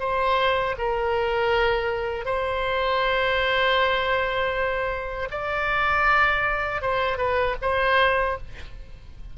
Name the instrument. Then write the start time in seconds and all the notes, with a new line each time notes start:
oboe
0.00 C5
0.78 A#4
2.25 C5
5.31 D5
6.82 C5
7.18 B4
7.62 C5